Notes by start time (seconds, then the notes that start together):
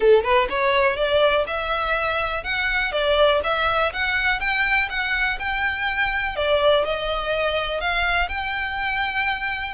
0.00 A4
0.23 B4
0.49 C#5
0.96 D5
1.46 E5
2.43 F#5
2.92 D5
3.43 E5
3.92 F#5
4.39 G5
4.89 F#5
5.39 G5
6.35 D5
6.84 D#5
7.80 F5
8.28 G5